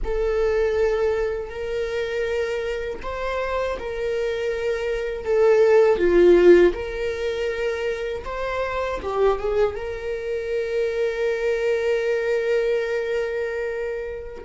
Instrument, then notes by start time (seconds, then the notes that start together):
viola
0.03 A4
1.49 A#4
3.02 C5
3.79 A#4
5.24 A4
5.98 F4
6.73 A#4
8.24 C5
9.02 G4
9.39 G#4
9.75 A#4